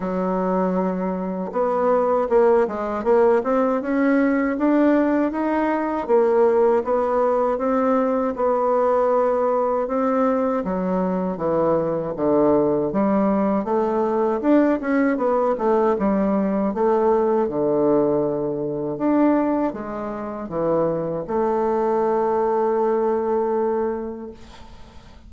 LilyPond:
\new Staff \with { instrumentName = "bassoon" } { \time 4/4 \tempo 4 = 79 fis2 b4 ais8 gis8 | ais8 c'8 cis'4 d'4 dis'4 | ais4 b4 c'4 b4~ | b4 c'4 fis4 e4 |
d4 g4 a4 d'8 cis'8 | b8 a8 g4 a4 d4~ | d4 d'4 gis4 e4 | a1 | }